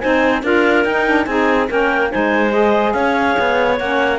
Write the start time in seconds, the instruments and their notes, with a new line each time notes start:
0.00 cello C4, saxophone D#4, clarinet C5 G#5
0.43 cello D4, saxophone F4, clarinet A#4 F5
0.85 cello D#4, saxophone D#4, clarinet G5
1.07 saxophone D4
1.25 cello C4, saxophone D#4, clarinet G#4 G#5
1.69 cello A#3, saxophone C#4, clarinet A#4 G5
2.10 cello G#3, saxophone D#4, clarinet C5 G#5
2.52 saxophone G#4, clarinet D#5
2.93 cello C#4, clarinet C#5 F5
3.39 cello B3
3.79 cello A#3, saxophone C#4, clarinet F#5